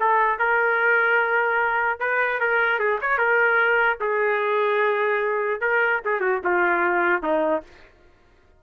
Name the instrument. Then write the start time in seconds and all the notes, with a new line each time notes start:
trumpet
0.00 A4
0.39 A#4
2.00 B4
2.40 A#4
2.79 G#4
3.01 C#5
3.18 A#4
4.01 G#4
5.61 A#4
6.05 G#4
6.20 F#4
6.44 F4
7.23 D#4